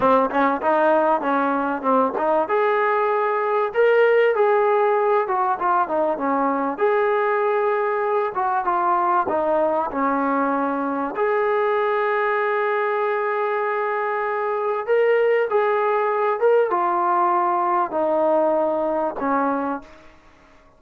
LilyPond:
\new Staff \with { instrumentName = "trombone" } { \time 4/4 \tempo 4 = 97 c'8 cis'8 dis'4 cis'4 c'8 dis'8 | gis'2 ais'4 gis'4~ | gis'8 fis'8 f'8 dis'8 cis'4 gis'4~ | gis'4. fis'8 f'4 dis'4 |
cis'2 gis'2~ | gis'1 | ais'4 gis'4. ais'8 f'4~ | f'4 dis'2 cis'4 | }